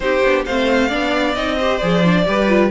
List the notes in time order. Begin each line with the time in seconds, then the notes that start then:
0.00 C4 D#4 G4 C5
0.23 B3 D4
0.45 A3 C4 C5 F5
0.88 B3 D4 D5
1.34 C4 D#4 D#5
1.56 G4 C5
1.77 F3 G#4 D5
2.04 D4
2.25 G3 G4 B4
2.48 F4